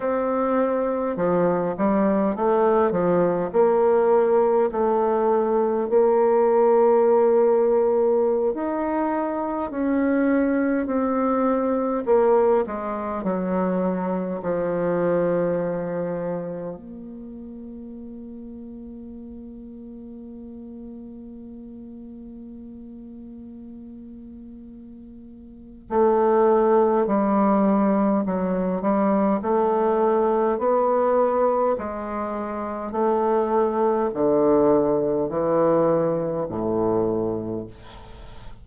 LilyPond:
\new Staff \with { instrumentName = "bassoon" } { \time 4/4 \tempo 4 = 51 c'4 f8 g8 a8 f8 ais4 | a4 ais2~ ais16 dis'8.~ | dis'16 cis'4 c'4 ais8 gis8 fis8.~ | fis16 f2 ais4.~ ais16~ |
ais1~ | ais2 a4 g4 | fis8 g8 a4 b4 gis4 | a4 d4 e4 a,4 | }